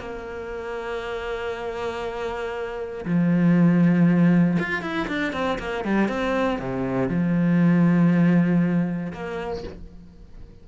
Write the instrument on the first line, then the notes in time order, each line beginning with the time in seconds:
cello
0.00 A#3
3.05 F3
4.59 F4
4.83 E4
5.08 D4
5.33 C4
5.59 A#3
5.85 G3
6.09 C4
6.60 C3
7.09 F3
9.13 A#3